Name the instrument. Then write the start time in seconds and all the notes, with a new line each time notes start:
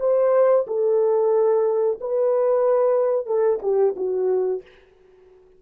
horn
0.00 C5
0.67 A4
2.01 B4
3.26 A4
3.62 G4
3.97 F#4